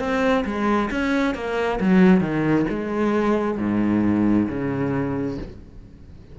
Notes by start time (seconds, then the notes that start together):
0.00 C4
0.45 G#3
0.91 C#4
1.35 A#3
1.80 F#3
2.21 D#3
2.70 G#3
3.58 G#2
4.49 C#3